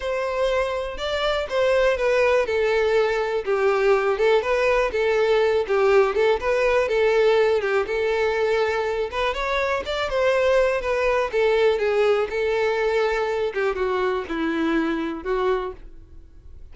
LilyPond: \new Staff \with { instrumentName = "violin" } { \time 4/4 \tempo 4 = 122 c''2 d''4 c''4 | b'4 a'2 g'4~ | g'8 a'8 b'4 a'4. g'8~ | g'8 a'8 b'4 a'4. g'8 |
a'2~ a'8 b'8 cis''4 | d''8 c''4. b'4 a'4 | gis'4 a'2~ a'8 g'8 | fis'4 e'2 fis'4 | }